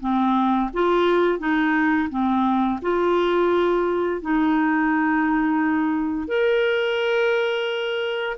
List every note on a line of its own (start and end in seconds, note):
0.00 0.70 C4
0.73 1.39 F4
1.39 2.09 D#4
2.10 2.79 C4
2.82 4.21 F4
4.21 6.28 D#4
6.28 8.37 A#4